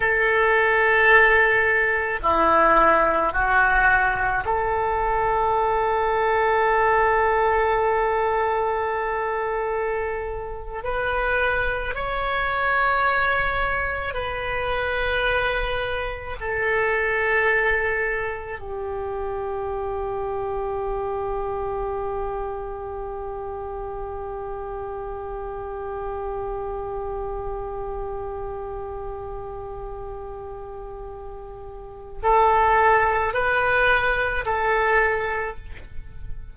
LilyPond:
\new Staff \with { instrumentName = "oboe" } { \time 4/4 \tempo 4 = 54 a'2 e'4 fis'4 | a'1~ | a'4.~ a'16 b'4 cis''4~ cis''16~ | cis''8. b'2 a'4~ a'16~ |
a'8. g'2.~ g'16~ | g'1~ | g'1~ | g'4 a'4 b'4 a'4 | }